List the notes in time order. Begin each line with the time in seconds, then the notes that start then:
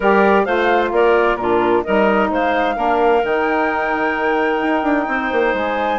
0.00 G3 G4 A#4 D5
0.45 A3 F4 C5 F5
0.91 A#3 A#4 D5
1.35 A#2 D4 F4 A#4
1.83 G3 D#4 A#4 D#5
2.30 G#3 C5 F5
2.75 A#3 D4 A#4
3.23 D#3 D#4 G5
4.62 D#4
4.82 D4
5.08 C4 C5
5.32 A#3
5.53 G#3 G#5